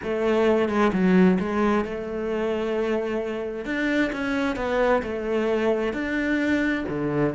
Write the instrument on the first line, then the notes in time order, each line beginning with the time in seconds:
cello
0.03 A3
0.68 G#3
0.92 F#3
1.39 G#3
1.84 A3
3.65 D4
4.12 C#4
4.56 B3
5.03 A3
5.93 D4
6.88 D3